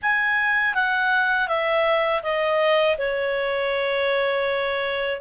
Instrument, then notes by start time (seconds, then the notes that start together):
clarinet
0.02 G#5
0.74 F#5
1.48 E5
2.22 D#5
2.98 C#5